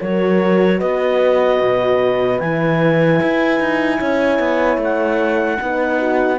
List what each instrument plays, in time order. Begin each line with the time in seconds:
0.00 cello F#3, horn F#4 A#4, clarinet C#5
0.78 cello B3, horn B4, clarinet D#5
1.60 cello B2
2.39 cello E3, horn E4, clarinet G#5
3.22 cello E4
3.60 cello D#4
3.98 cello C#4, horn C#5
4.39 cello B3
4.77 cello A3
4.84 clarinet F#5
5.60 cello B3, horn D#4 B4
5.98 horn F#4